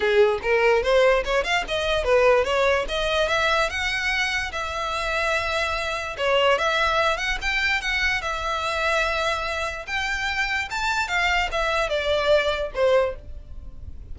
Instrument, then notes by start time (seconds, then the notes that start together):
violin
0.00 G#4
0.42 A#4
0.82 C5
1.24 C#5
1.44 F5
1.68 D#5
2.04 B4
2.44 C#5
2.88 D#5
3.28 E5
3.69 F#5
4.52 E5
6.17 C#5
6.58 E5
7.17 F#5
7.41 G5
7.81 F#5
8.21 E5
9.86 G5
10.70 A5
11.08 F5
11.51 E5
11.89 D5
12.74 C5